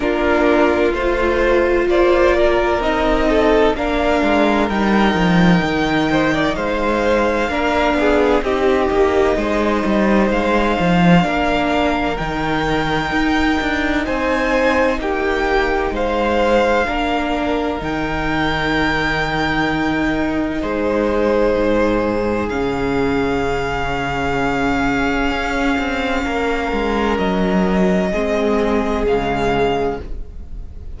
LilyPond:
<<
  \new Staff \with { instrumentName = "violin" } { \time 4/4 \tempo 4 = 64 ais'4 c''4 d''4 dis''4 | f''4 g''2 f''4~ | f''4 dis''2 f''4~ | f''4 g''2 gis''4 |
g''4 f''2 g''4~ | g''2 c''2 | f''1~ | f''4 dis''2 f''4 | }
  \new Staff \with { instrumentName = "violin" } { \time 4/4 f'2 c''8 ais'4 a'8 | ais'2~ ais'8 c''16 d''16 c''4 | ais'8 gis'8 g'4 c''2 | ais'2. c''4 |
g'4 c''4 ais'2~ | ais'2 gis'2~ | gis'1 | ais'2 gis'2 | }
  \new Staff \with { instrumentName = "viola" } { \time 4/4 d'4 f'2 dis'4 | d'4 dis'2. | d'4 dis'2. | d'4 dis'2.~ |
dis'2 d'4 dis'4~ | dis'1 | cis'1~ | cis'2 c'4 gis4 | }
  \new Staff \with { instrumentName = "cello" } { \time 4/4 ais4 a4 ais4 c'4 | ais8 gis8 g8 f8 dis4 gis4 | ais8 b8 c'8 ais8 gis8 g8 gis8 f8 | ais4 dis4 dis'8 d'8 c'4 |
ais4 gis4 ais4 dis4~ | dis2 gis4 gis,4 | cis2. cis'8 c'8 | ais8 gis8 fis4 gis4 cis4 | }
>>